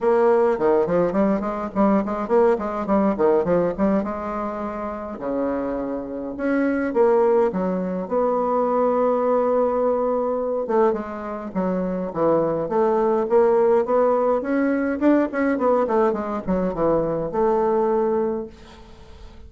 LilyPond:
\new Staff \with { instrumentName = "bassoon" } { \time 4/4 \tempo 4 = 104 ais4 dis8 f8 g8 gis8 g8 gis8 | ais8 gis8 g8 dis8 f8 g8 gis4~ | gis4 cis2 cis'4 | ais4 fis4 b2~ |
b2~ b8 a8 gis4 | fis4 e4 a4 ais4 | b4 cis'4 d'8 cis'8 b8 a8 | gis8 fis8 e4 a2 | }